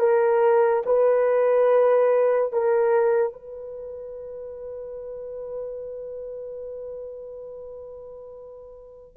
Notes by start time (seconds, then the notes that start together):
0.00 A#4
0.86 B4
2.53 A#4
3.34 B4